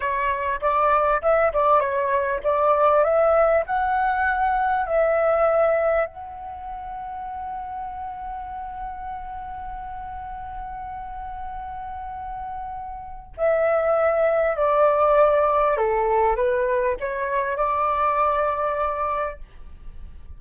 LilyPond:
\new Staff \with { instrumentName = "flute" } { \time 4/4 \tempo 4 = 99 cis''4 d''4 e''8 d''8 cis''4 | d''4 e''4 fis''2 | e''2 fis''2~ | fis''1~ |
fis''1~ | fis''2 e''2 | d''2 a'4 b'4 | cis''4 d''2. | }